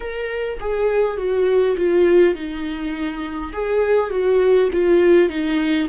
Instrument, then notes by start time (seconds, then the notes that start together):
viola
0.00 A#4
0.59 G#4
1.17 F#4
1.76 F4
2.34 D#4
3.52 G#4
4.10 F#4
4.72 F4
5.29 D#4